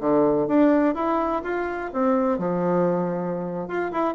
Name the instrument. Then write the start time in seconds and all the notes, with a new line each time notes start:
bassoon
0.00 D3
0.48 D4
0.95 E4
1.43 F4
1.93 C4
2.38 F3
3.68 F4
3.92 E4